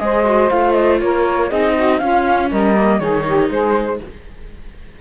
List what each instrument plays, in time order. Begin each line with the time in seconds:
0.00 cello G#3, viola G#4, saxophone C5, flute D#5
0.25 viola F#4
0.50 cello A3, viola F4, flute F5
0.72 flute D#5
1.00 cello A#3, saxophone A#4, flute C#5
1.49 cello C4, viola D#4, saxophone G#4, flute D#5
1.75 saxophone F#4
1.99 cello C#4, viola C#4, saxophone F4, flute F5
2.51 cello G3, saxophone A#4, flute D#5
2.76 viola A#3
2.99 cello D#3, viola D#4, saxophone G#4, flute C#5
3.26 saxophone G4
3.50 cello G#3, saxophone G#4, flute C5